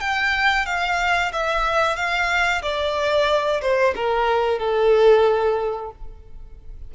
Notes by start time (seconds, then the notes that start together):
0.00 G5
0.66 F5
1.32 E5
1.96 F5
2.62 D5
3.61 C5
3.95 A#4
4.59 A4